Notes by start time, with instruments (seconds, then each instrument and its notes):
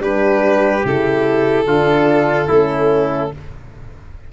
0.00 tuba G3, horn D4, trumpet G4, violin B4
0.85 tuba C#3, horn E4, violin A4
1.65 tuba D3, horn D4, trumpet F4
2.48 tuba A3, horn C#4, trumpet E4